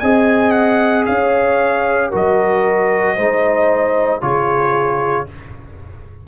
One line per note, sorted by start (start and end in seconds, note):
0.00 1.08 C4
0.00 2.12 G#4
0.00 1.06 D#5
0.00 0.51 G#5
0.51 1.04 F#5
1.06 2.14 C#4
1.06 2.10 C#5
1.06 2.11 F5
2.10 3.18 F#3
2.10 3.17 F#4
2.10 3.16 A#4
2.10 4.22 D#5
3.16 4.23 G#3
3.16 4.21 D#4
3.16 4.21 C5
4.21 5.28 C#3
4.21 5.27 F4
4.21 5.27 G#4
4.21 5.27 C#5